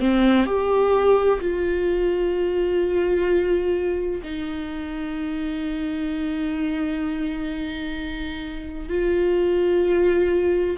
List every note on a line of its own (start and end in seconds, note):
0.00 0.46 C4
0.46 1.40 G4
1.41 4.22 F4
4.23 8.89 D#4
8.89 10.77 F4